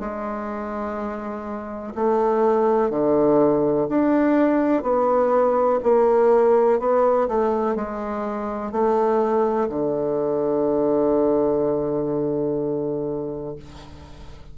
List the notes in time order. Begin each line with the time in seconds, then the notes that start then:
0.00 G#3
1.95 A3
2.91 D3
3.89 D4
4.83 B3
5.84 A#3
6.80 B3
7.29 A3
7.76 G#3
8.72 A3
9.70 D3